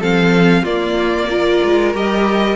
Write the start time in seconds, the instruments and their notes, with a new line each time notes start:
0.00 cello F3, viola C4, violin A4 F5
0.63 cello A#3, viola A#3, violin F4 D5
1.30 viola F4, violin A#4
1.64 cello G#3
1.94 cello G3, viola G4, violin D#5